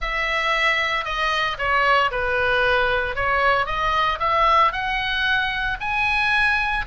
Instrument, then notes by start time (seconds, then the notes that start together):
oboe
0.01 E5
1.04 D#5
1.58 C#5
2.11 B4
3.15 C#5
3.66 D#5
4.19 E5
4.72 F#5
5.80 G#5